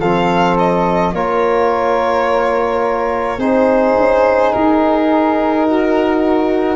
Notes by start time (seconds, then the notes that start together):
0.00 F3 C4 A4 F5
0.59 D#5
1.13 A#3 F4 A#4 C#5
3.38 C4 D#4 G#4 C5
3.97 C#4
4.53 D#4 A#4
5.67 F#4